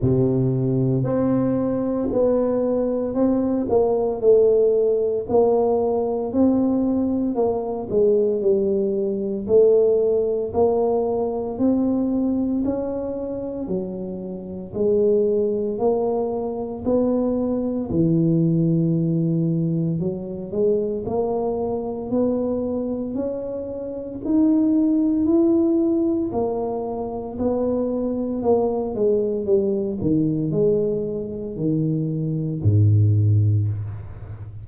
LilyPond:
\new Staff \with { instrumentName = "tuba" } { \time 4/4 \tempo 4 = 57 c4 c'4 b4 c'8 ais8 | a4 ais4 c'4 ais8 gis8 | g4 a4 ais4 c'4 | cis'4 fis4 gis4 ais4 |
b4 e2 fis8 gis8 | ais4 b4 cis'4 dis'4 | e'4 ais4 b4 ais8 gis8 | g8 dis8 gis4 dis4 gis,4 | }